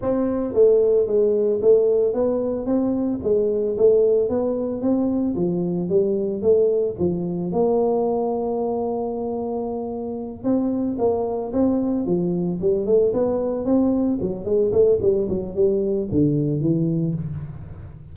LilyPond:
\new Staff \with { instrumentName = "tuba" } { \time 4/4 \tempo 4 = 112 c'4 a4 gis4 a4 | b4 c'4 gis4 a4 | b4 c'4 f4 g4 | a4 f4 ais2~ |
ais2.~ ais8 c'8~ | c'8 ais4 c'4 f4 g8 | a8 b4 c'4 fis8 gis8 a8 | g8 fis8 g4 d4 e4 | }